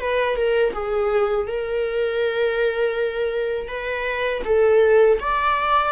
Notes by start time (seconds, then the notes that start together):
0.00 B4
0.36 A#4
0.73 G#4
1.47 A#4
3.68 B4
4.45 A4
5.20 D5